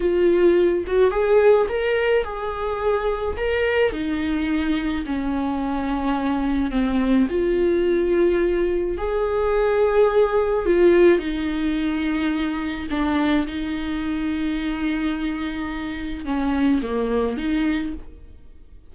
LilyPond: \new Staff \with { instrumentName = "viola" } { \time 4/4 \tempo 4 = 107 f'4. fis'8 gis'4 ais'4 | gis'2 ais'4 dis'4~ | dis'4 cis'2. | c'4 f'2. |
gis'2. f'4 | dis'2. d'4 | dis'1~ | dis'4 cis'4 ais4 dis'4 | }